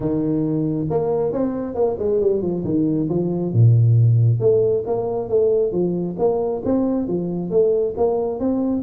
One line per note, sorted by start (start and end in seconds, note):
0.00 0.87 D#3
0.90 1.32 A#3
1.32 1.74 C4
1.74 1.97 A#3
1.98 2.20 G#3
2.20 2.42 G3
2.42 2.64 F3
2.64 3.08 D#3
3.09 3.52 F3
3.52 4.39 A#2
4.39 4.83 A3
4.86 5.28 A#3
5.28 5.72 A3
5.72 6.16 F3
6.18 6.62 A#3
6.65 7.07 C4
7.07 7.50 F3
7.50 7.94 A3
7.97 8.39 A#3
8.39 8.82 C4